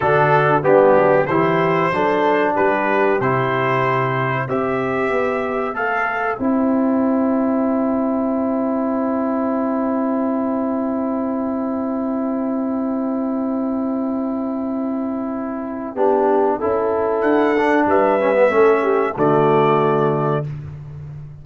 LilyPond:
<<
  \new Staff \with { instrumentName = "trumpet" } { \time 4/4 \tempo 4 = 94 a'4 g'4 c''2 | b'4 c''2 e''4~ | e''4 f''4 g''2~ | g''1~ |
g''1~ | g''1~ | g''2. fis''4 | e''2 d''2 | }
  \new Staff \with { instrumentName = "horn" } { \time 4/4 fis'4 d'4 g'4 a'4 | g'2. c''4~ | c''1~ | c''1~ |
c''1~ | c''1~ | c''4 g'4 a'2 | b'4 a'8 g'8 fis'2 | }
  \new Staff \with { instrumentName = "trombone" } { \time 4/4 d'4 b4 e'4 d'4~ | d'4 e'2 g'4~ | g'4 a'4 e'2~ | e'1~ |
e'1~ | e'1~ | e'4 d'4 e'4. d'8~ | d'8 cis'16 b16 cis'4 a2 | }
  \new Staff \with { instrumentName = "tuba" } { \time 4/4 d4 g8 fis8 e4 fis4 | g4 c2 c'4 | b4 a4 c'2~ | c'1~ |
c'1~ | c'1~ | c'4 b4 cis'4 d'4 | g4 a4 d2 | }
>>